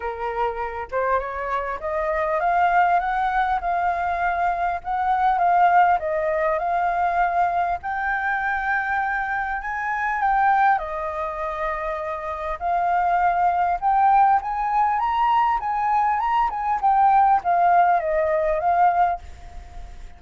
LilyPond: \new Staff \with { instrumentName = "flute" } { \time 4/4 \tempo 4 = 100 ais'4. c''8 cis''4 dis''4 | f''4 fis''4 f''2 | fis''4 f''4 dis''4 f''4~ | f''4 g''2. |
gis''4 g''4 dis''2~ | dis''4 f''2 g''4 | gis''4 ais''4 gis''4 ais''8 gis''8 | g''4 f''4 dis''4 f''4 | }